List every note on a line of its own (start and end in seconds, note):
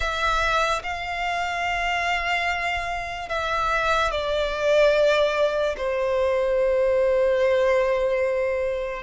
0.00 0.82 E5
0.83 3.29 F5
3.29 4.11 E5
4.11 5.75 D5
5.77 9.03 C5